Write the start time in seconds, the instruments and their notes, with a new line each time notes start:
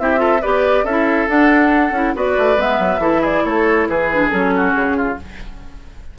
0.00 bassoon C4, clarinet E4, oboe G4, flute E5
0.17 clarinet F4, oboe A4
0.42 bassoon B3, clarinet G4, oboe B4, flute D5
0.84 bassoon C#4, clarinet E4, oboe A4, flute E5
1.28 clarinet D4, bassoon D4, flute F#5
1.91 bassoon C#4, clarinet E4
2.15 bassoon B3, clarinet F#4, oboe B4, flute D5
2.38 bassoon A3
2.57 bassoon G#3, clarinet B3, flute E5
2.79 bassoon F#3
2.98 bassoon E3, clarinet E4, oboe A4
3.21 oboe G#4, flute D5
3.45 bassoon A3, oboe A4, flute C#5
3.88 bassoon E3, oboe G#4, flute B4
4.14 clarinet D4
4.29 bassoon F#3, clarinet C#4, flute A4
4.56 oboe F#4
4.73 bassoon C#3, flute G#4
4.97 oboe F4